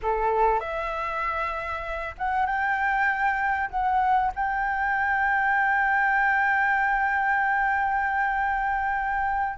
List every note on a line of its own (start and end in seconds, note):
0.02 0.60 A4
0.60 2.14 E5
2.18 2.45 F#5
2.45 3.69 G5
3.70 4.32 F#5
4.35 9.58 G5